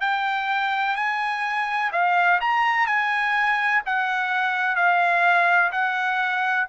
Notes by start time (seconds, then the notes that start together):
0.00 G5
0.96 G#5
1.92 F5
2.40 A#5
2.86 G#5
3.85 F#5
4.75 F5
5.71 F#5